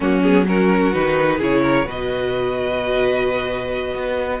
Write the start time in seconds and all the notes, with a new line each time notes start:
0.00 F#3 A#3 C#4 F#4
0.22 B3 G#4
0.46 C#4 F#4 A#4
0.93 D#3 D#4 B4
1.37 C#3 E4 G#4 C#5
1.63 A#4
1.85 B2 F#4 B4 D#5
3.94 B3